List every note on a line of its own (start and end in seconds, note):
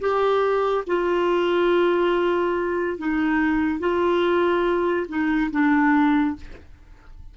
0.00 0.85 G4
0.87 2.98 F4
2.98 3.80 D#4
3.80 5.06 F4
5.08 5.50 D#4
5.51 6.36 D4